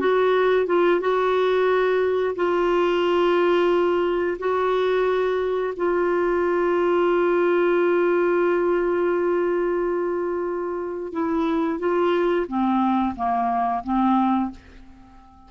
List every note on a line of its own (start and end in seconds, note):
0.00 0.67 F#4
0.67 1.01 F4
1.01 2.36 F#4
2.36 4.38 F4
4.39 5.74 F#4
5.77 11.13 F4
11.13 11.79 E4
11.79 12.47 F4
12.48 13.15 C4
13.16 13.84 A#3
13.84 14.51 C4